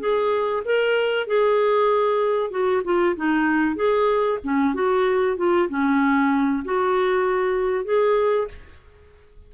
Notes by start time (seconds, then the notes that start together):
0.00 G#4
0.65 A#4
1.27 G#4
2.51 F#4
2.84 F4
3.17 D#4
3.76 G#4
4.44 C#4
4.74 F#4
5.37 F4
5.69 C#4
6.65 F#4
7.85 G#4